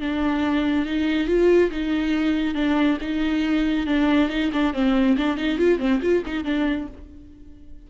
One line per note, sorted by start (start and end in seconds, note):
0.00 0.86 D4
0.86 1.27 D#4
1.27 1.70 F4
1.71 2.55 D#4
2.55 2.98 D4
3.01 3.87 D#4
3.87 4.29 D4
4.29 4.51 D#4
4.52 4.73 D4
4.73 5.16 C4
5.17 5.37 D4
5.37 5.58 D#4
5.58 5.79 F4
5.79 6.00 C4
6.02 6.23 F4
6.26 6.44 D#4
6.44 6.87 D4